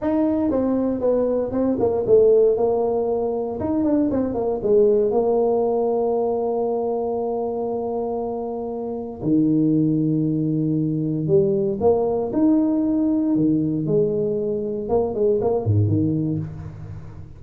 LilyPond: \new Staff \with { instrumentName = "tuba" } { \time 4/4 \tempo 4 = 117 dis'4 c'4 b4 c'8 ais8 | a4 ais2 dis'8 d'8 | c'8 ais8 gis4 ais2~ | ais1~ |
ais2 dis2~ | dis2 g4 ais4 | dis'2 dis4 gis4~ | gis4 ais8 gis8 ais8 gis,8 dis4 | }